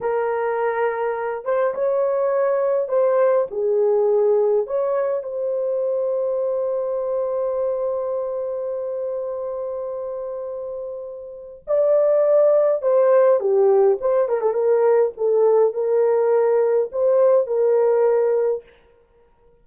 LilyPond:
\new Staff \with { instrumentName = "horn" } { \time 4/4 \tempo 4 = 103 ais'2~ ais'8 c''8 cis''4~ | cis''4 c''4 gis'2 | cis''4 c''2.~ | c''1~ |
c''1 | d''2 c''4 g'4 | c''8 ais'16 a'16 ais'4 a'4 ais'4~ | ais'4 c''4 ais'2 | }